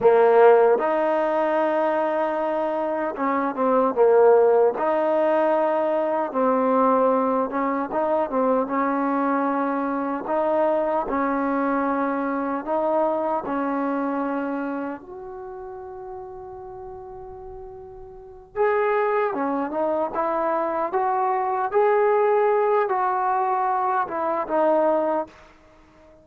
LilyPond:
\new Staff \with { instrumentName = "trombone" } { \time 4/4 \tempo 4 = 76 ais4 dis'2. | cis'8 c'8 ais4 dis'2 | c'4. cis'8 dis'8 c'8 cis'4~ | cis'4 dis'4 cis'2 |
dis'4 cis'2 fis'4~ | fis'2.~ fis'8 gis'8~ | gis'8 cis'8 dis'8 e'4 fis'4 gis'8~ | gis'4 fis'4. e'8 dis'4 | }